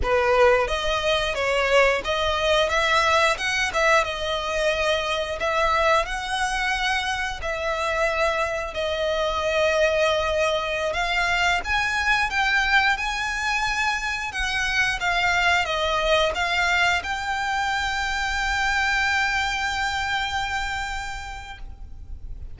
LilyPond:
\new Staff \with { instrumentName = "violin" } { \time 4/4 \tempo 4 = 89 b'4 dis''4 cis''4 dis''4 | e''4 fis''8 e''8 dis''2 | e''4 fis''2 e''4~ | e''4 dis''2.~ |
dis''16 f''4 gis''4 g''4 gis''8.~ | gis''4~ gis''16 fis''4 f''4 dis''8.~ | dis''16 f''4 g''2~ g''8.~ | g''1 | }